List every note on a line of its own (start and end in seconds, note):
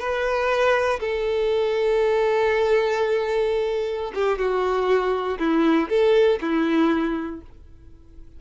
0.00 1.00 B4
1.00 4.13 A4
4.15 4.39 G4
4.39 5.39 F#4
5.39 5.89 E4
5.90 6.40 A4
6.42 7.42 E4